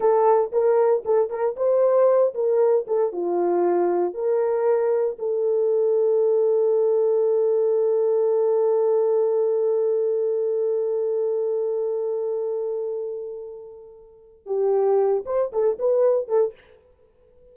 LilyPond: \new Staff \with { instrumentName = "horn" } { \time 4/4 \tempo 4 = 116 a'4 ais'4 a'8 ais'8 c''4~ | c''8 ais'4 a'8 f'2 | ais'2 a'2~ | a'1~ |
a'1~ | a'1~ | a'1 | g'4. c''8 a'8 b'4 a'8 | }